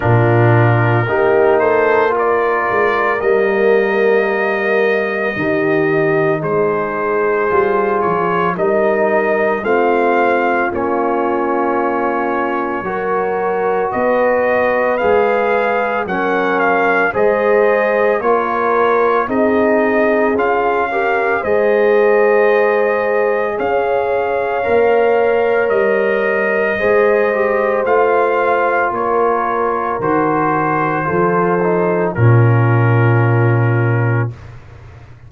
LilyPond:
<<
  \new Staff \with { instrumentName = "trumpet" } { \time 4/4 \tempo 4 = 56 ais'4. c''8 d''4 dis''4~ | dis''2 c''4. cis''8 | dis''4 f''4 cis''2~ | cis''4 dis''4 f''4 fis''8 f''8 |
dis''4 cis''4 dis''4 f''4 | dis''2 f''2 | dis''2 f''4 cis''4 | c''2 ais'2 | }
  \new Staff \with { instrumentName = "horn" } { \time 4/4 f'4 g'8 a'8 ais'2~ | ais'4 g'4 gis'2 | ais'4 f'2. | ais'4 b'2 ais'4 |
c''4 ais'4 gis'4. ais'8 | c''2 cis''2~ | cis''4 c''2 ais'4~ | ais'4 a'4 f'2 | }
  \new Staff \with { instrumentName = "trombone" } { \time 4/4 d'4 dis'4 f'4 ais4~ | ais4 dis'2 f'4 | dis'4 c'4 cis'2 | fis'2 gis'4 cis'4 |
gis'4 f'4 dis'4 f'8 g'8 | gis'2. ais'4~ | ais'4 gis'8 g'8 f'2 | fis'4 f'8 dis'8 cis'2 | }
  \new Staff \with { instrumentName = "tuba" } { \time 4/4 ais,4 ais4. gis8 g4~ | g4 dis4 gis4 g8 f8 | g4 a4 ais2 | fis4 b4 gis4 fis4 |
gis4 ais4 c'4 cis'4 | gis2 cis'4 ais4 | g4 gis4 a4 ais4 | dis4 f4 ais,2 | }
>>